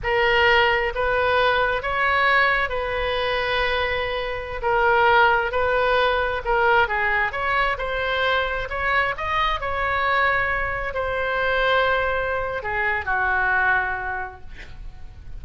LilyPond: \new Staff \with { instrumentName = "oboe" } { \time 4/4 \tempo 4 = 133 ais'2 b'2 | cis''2 b'2~ | b'2~ b'16 ais'4.~ ais'16~ | ais'16 b'2 ais'4 gis'8.~ |
gis'16 cis''4 c''2 cis''8.~ | cis''16 dis''4 cis''2~ cis''8.~ | cis''16 c''2.~ c''8. | gis'4 fis'2. | }